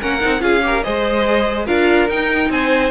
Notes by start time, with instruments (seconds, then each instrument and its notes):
0.00 cello A#3, viola C#4, violin A#4 F#5
0.20 cello C4, viola D#4
0.40 cello C#4, viola F4, violin G#4 F5
0.62 viola G4, violin A#4
0.83 cello G#3, viola G#4, violin C5 D#5
1.66 cello D4, viola F4, violin A#4 F5
2.08 viola D#4, cello D#4, violin G5
2.49 cello C4, violin C5 G#5